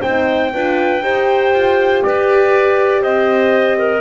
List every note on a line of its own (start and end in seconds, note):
0.00 0.53 C4
0.00 0.52 D#4
0.00 0.50 C5
0.00 2.01 G5
0.53 1.02 D4
0.53 1.02 F4
0.53 1.03 B4
1.02 1.52 D#4
1.02 4.00 G4
1.02 2.03 C5
1.53 2.03 F4
2.02 3.02 G4
2.02 3.01 B4
2.02 3.02 D5
3.01 4.00 C4
3.01 3.76 C5
3.01 4.00 D#5
3.78 4.00 A#4